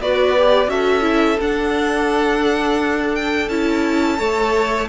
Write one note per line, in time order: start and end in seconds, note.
0.00 0.67 B3
0.00 0.37 F#4
0.00 0.71 B4
0.00 0.70 D5
0.38 0.69 G4
0.67 1.37 C#4
0.67 1.02 F#4
0.67 4.19 A4
0.67 1.40 E5
1.02 1.37 E4
1.41 3.50 D4
1.41 3.51 D4
1.41 3.16 F#5
3.16 3.49 G5
3.49 4.19 C#4
3.49 4.18 E4
3.49 4.89 A5
4.18 4.89 A3
4.18 4.88 A4
4.18 4.89 C#5